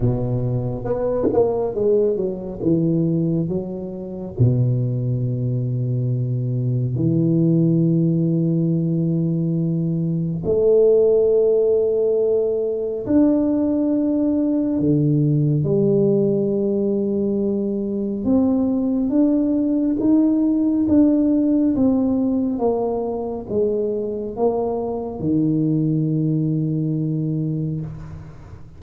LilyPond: \new Staff \with { instrumentName = "tuba" } { \time 4/4 \tempo 4 = 69 b,4 b8 ais8 gis8 fis8 e4 | fis4 b,2. | e1 | a2. d'4~ |
d'4 d4 g2~ | g4 c'4 d'4 dis'4 | d'4 c'4 ais4 gis4 | ais4 dis2. | }